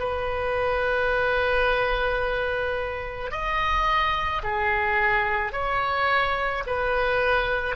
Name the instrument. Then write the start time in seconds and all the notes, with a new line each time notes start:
oboe
0.00 B4
3.32 D#5
4.44 G#4
5.53 C#5
6.67 B4